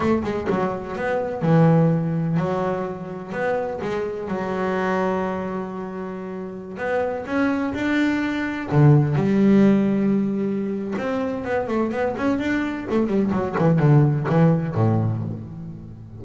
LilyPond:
\new Staff \with { instrumentName = "double bass" } { \time 4/4 \tempo 4 = 126 a8 gis8 fis4 b4 e4~ | e4 fis2 b4 | gis4 fis2.~ | fis2~ fis16 b4 cis'8.~ |
cis'16 d'2 d4 g8.~ | g2. c'4 | b8 a8 b8 cis'8 d'4 a8 g8 | fis8 e8 d4 e4 a,4 | }